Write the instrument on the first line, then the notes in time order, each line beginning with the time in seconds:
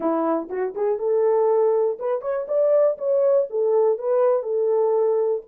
horn
0.00 E4
0.49 F#4
0.74 G#4
0.98 A4
1.99 B4
2.21 C#5
2.48 D5
2.98 C#5
3.50 A4
3.98 B4
4.42 A4